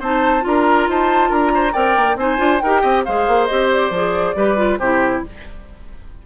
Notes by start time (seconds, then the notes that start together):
0.00 C4 D#4 C5 A5
0.41 D4 F4 A#5
0.48 A#4
0.89 D#4 C5 A5
1.30 D4 A#4 A#5
1.55 C5
1.73 C4 A#4 D5 G5
1.97 A#3
2.16 C4 D#4 C5 G#5
2.38 D4 F4
2.60 D#4 G4 A#4 G5
2.82 C4 D#5
3.05 G#3 G#4 C5 F5
3.28 A#3
3.46 C4 G4 D#5
3.73 D5
3.90 F3 G#4
4.36 G3 G4 B4
4.57 F4
4.78 C3 E4 G4 C5